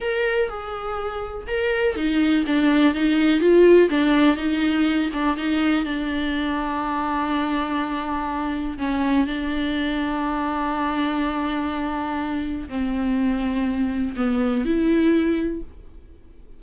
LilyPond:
\new Staff \with { instrumentName = "viola" } { \time 4/4 \tempo 4 = 123 ais'4 gis'2 ais'4 | dis'4 d'4 dis'4 f'4 | d'4 dis'4. d'8 dis'4 | d'1~ |
d'2 cis'4 d'4~ | d'1~ | d'2 c'2~ | c'4 b4 e'2 | }